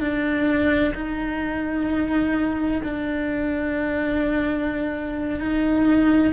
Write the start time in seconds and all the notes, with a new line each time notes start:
0.00 D4
0.94 D#4
2.83 D4
5.39 D#4